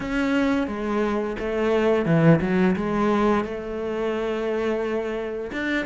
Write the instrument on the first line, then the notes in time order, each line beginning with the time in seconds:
cello
0.00 C#4
0.67 G#3
1.39 A3
2.05 E3
2.41 F#3
2.76 G#3
3.44 A3
5.52 D4